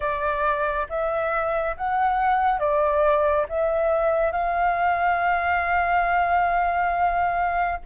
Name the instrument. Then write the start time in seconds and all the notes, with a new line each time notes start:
flute
0.00 D5
0.89 E5
1.76 F#5
2.59 D5
3.49 E5
4.32 F5